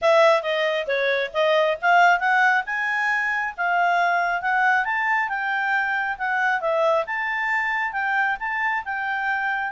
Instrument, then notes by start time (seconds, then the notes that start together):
clarinet
0.01 E5
0.42 D#5
0.87 C#5
1.33 D#5
1.81 F5
2.19 F#5
2.66 G#5
3.57 F5
4.41 F#5
4.84 A5
5.29 G5
6.18 F#5
6.60 E5
7.06 A5
7.92 G5
8.39 A5
8.85 G5